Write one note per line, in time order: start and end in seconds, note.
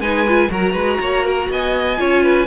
0.00 0.49 G#3
0.00 0.27 D#4
0.00 0.51 B4
0.00 0.51 G#5
0.28 0.49 F4
0.49 0.74 F#3
0.49 1.97 F#4
0.49 0.73 A#4
0.49 1.52 A#5
0.73 0.99 G#3
0.73 0.98 B4
1.00 1.49 A#3
1.00 1.25 C#5
1.25 1.50 A#4
1.50 1.99 B3
1.50 2.00 D#5
1.50 2.47 G#5
1.98 2.47 C#4
1.98 2.47 F4
1.98 2.23 C#5
2.23 2.47 B4